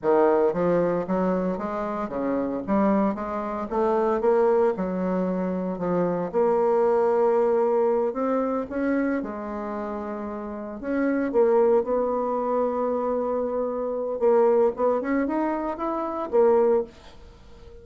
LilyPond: \new Staff \with { instrumentName = "bassoon" } { \time 4/4 \tempo 4 = 114 dis4 f4 fis4 gis4 | cis4 g4 gis4 a4 | ais4 fis2 f4 | ais2.~ ais8 c'8~ |
c'8 cis'4 gis2~ gis8~ | gis8 cis'4 ais4 b4.~ | b2. ais4 | b8 cis'8 dis'4 e'4 ais4 | }